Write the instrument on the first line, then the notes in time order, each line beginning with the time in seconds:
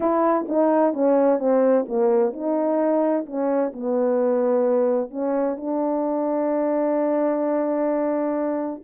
horn
0.00 E4
0.48 D#4
0.93 C#4
1.39 C4
1.88 A#3
2.32 D#4
3.26 C#4
3.72 B3
5.10 C#4
5.56 D4